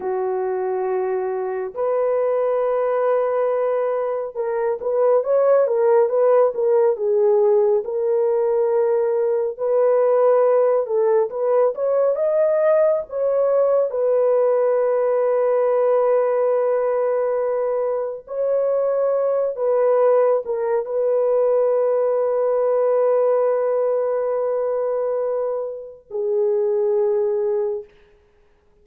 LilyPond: \new Staff \with { instrumentName = "horn" } { \time 4/4 \tempo 4 = 69 fis'2 b'2~ | b'4 ais'8 b'8 cis''8 ais'8 b'8 ais'8 | gis'4 ais'2 b'4~ | b'8 a'8 b'8 cis''8 dis''4 cis''4 |
b'1~ | b'4 cis''4. b'4 ais'8 | b'1~ | b'2 gis'2 | }